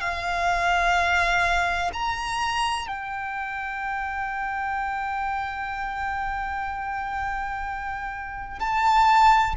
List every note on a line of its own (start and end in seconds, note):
0.00 1.90 F5
1.93 2.87 A#5
2.87 8.59 G5
8.59 9.55 A5